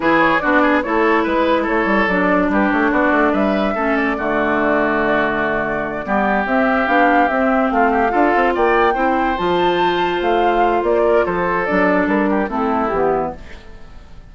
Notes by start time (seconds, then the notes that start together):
0.00 E3 E4 G#4 B4
0.19 C#5
0.39 B3 D4 F#4 D5
0.62 G#4
0.82 A3 E4 A4 C#5
1.23 G#3 B4
1.62 A4 C#5
1.69 A3
1.85 G3
2.07 F#3 D4 D5
2.49 G3 G4 B4
2.71 A3 C#5
2.91 B3 F#4 D5
3.11 A3
3.32 G3 B4 E5
3.74 A3 C#4 A4
3.96 D5
4.17 D3 A3 F#4
6.04 G3 B3 G4
6.45 C4 E5
6.86 B3 D4 F5
7.28 C4 E5
7.71 A3 F4 F5
7.90 G4
8.09 D4 F4 A4
8.35 C4
8.55 A#3 D5 G5
8.93 C4 E4 C5
9.37 F3 F4 A5
10.20 A3 F5
10.82 A#3 D5
11.03 A#4
11.25 F3 A4 C5
11.65 F#3 D4 D5
12.06 G3 A#4
12.29 G4
12.47 A3 C4 E4 A4
12.88 E3 B3 G4